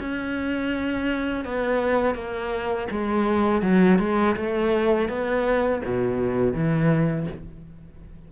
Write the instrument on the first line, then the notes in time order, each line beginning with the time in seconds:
cello
0.00 C#4
1.44 B3
2.15 A#3
2.91 G#3
3.62 F#3
3.99 G#3
4.36 A3
5.09 B3
5.85 B2
6.54 E3